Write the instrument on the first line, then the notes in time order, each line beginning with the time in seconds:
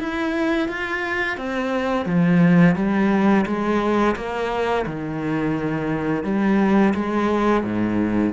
cello
0.00 E4
0.69 F4
1.37 C4
2.06 F3
2.76 G3
3.46 G#3
4.16 A#3
4.86 D#3
6.24 G3
6.95 G#3
7.64 G#2